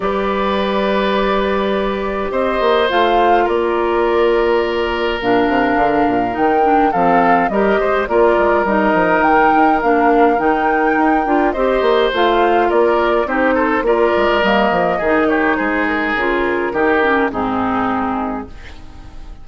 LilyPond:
<<
  \new Staff \with { instrumentName = "flute" } { \time 4/4 \tempo 4 = 104 d''1 | dis''4 f''4 d''2~ | d''4 f''2 g''4 | f''4 dis''4 d''4 dis''4 |
g''4 f''4 g''2 | dis''4 f''4 d''4 c''4 | d''4 dis''4. cis''8 c''8 ais'8~ | ais'2 gis'2 | }
  \new Staff \with { instrumentName = "oboe" } { \time 4/4 b'1 | c''2 ais'2~ | ais'1 | a'4 ais'8 c''8 ais'2~ |
ais'1 | c''2 ais'4 g'8 a'8 | ais'2 gis'8 g'8 gis'4~ | gis'4 g'4 dis'2 | }
  \new Staff \with { instrumentName = "clarinet" } { \time 4/4 g'1~ | g'4 f'2.~ | f'4 d'2 dis'8 d'8 | c'4 g'4 f'4 dis'4~ |
dis'4 d'4 dis'4. f'8 | g'4 f'2 dis'4 | f'4 ais4 dis'2 | f'4 dis'8 cis'8 c'2 | }
  \new Staff \with { instrumentName = "bassoon" } { \time 4/4 g1 | c'8 ais8 a4 ais2~ | ais4 ais,8 c8 d8 ais,8 dis4 | f4 g8 gis8 ais8 gis8 g8 f8 |
dis8 dis'8 ais4 dis4 dis'8 d'8 | c'8 ais8 a4 ais4 c'4 | ais8 gis8 g8 f8 dis4 gis4 | cis4 dis4 gis,2 | }
>>